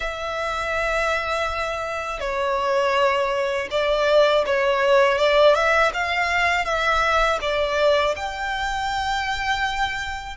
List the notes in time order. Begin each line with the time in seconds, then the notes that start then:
0.00 E5
2.20 C#5
3.70 D5
4.45 C#5
5.18 D5
5.54 E5
5.93 F5
6.64 E5
7.41 D5
8.15 G5